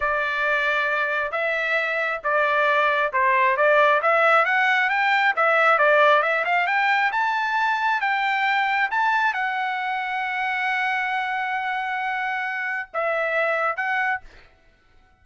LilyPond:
\new Staff \with { instrumentName = "trumpet" } { \time 4/4 \tempo 4 = 135 d''2. e''4~ | e''4 d''2 c''4 | d''4 e''4 fis''4 g''4 | e''4 d''4 e''8 f''8 g''4 |
a''2 g''2 | a''4 fis''2.~ | fis''1~ | fis''4 e''2 fis''4 | }